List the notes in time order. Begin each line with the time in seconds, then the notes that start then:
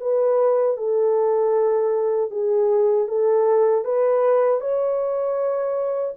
0.00 B4
0.77 A4
2.30 G#4
3.08 A4
3.84 B4
4.60 C#5